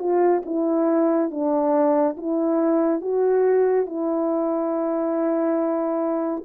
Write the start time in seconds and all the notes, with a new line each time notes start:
0.00 F4
0.46 E4
1.31 D4
2.17 E4
3.02 F#4
3.87 E4